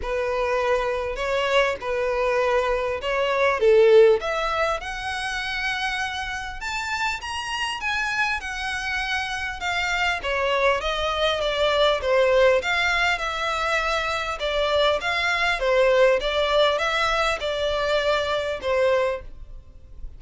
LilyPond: \new Staff \with { instrumentName = "violin" } { \time 4/4 \tempo 4 = 100 b'2 cis''4 b'4~ | b'4 cis''4 a'4 e''4 | fis''2. a''4 | ais''4 gis''4 fis''2 |
f''4 cis''4 dis''4 d''4 | c''4 f''4 e''2 | d''4 f''4 c''4 d''4 | e''4 d''2 c''4 | }